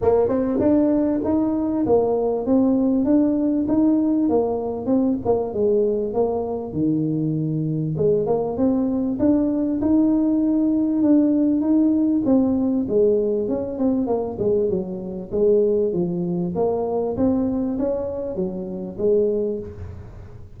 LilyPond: \new Staff \with { instrumentName = "tuba" } { \time 4/4 \tempo 4 = 98 ais8 c'8 d'4 dis'4 ais4 | c'4 d'4 dis'4 ais4 | c'8 ais8 gis4 ais4 dis4~ | dis4 gis8 ais8 c'4 d'4 |
dis'2 d'4 dis'4 | c'4 gis4 cis'8 c'8 ais8 gis8 | fis4 gis4 f4 ais4 | c'4 cis'4 fis4 gis4 | }